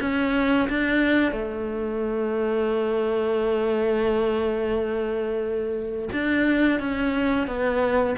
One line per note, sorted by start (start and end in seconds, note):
0.00 0.68 C#4
0.69 1.32 D4
1.32 6.09 A3
6.13 6.79 D4
6.79 7.47 C#4
7.47 8.15 B3